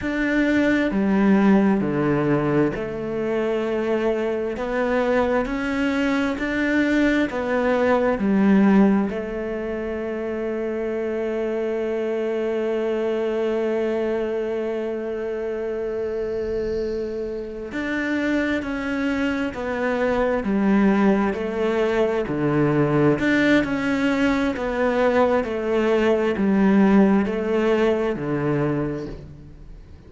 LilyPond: \new Staff \with { instrumentName = "cello" } { \time 4/4 \tempo 4 = 66 d'4 g4 d4 a4~ | a4 b4 cis'4 d'4 | b4 g4 a2~ | a1~ |
a2.~ a8 d'8~ | d'8 cis'4 b4 g4 a8~ | a8 d4 d'8 cis'4 b4 | a4 g4 a4 d4 | }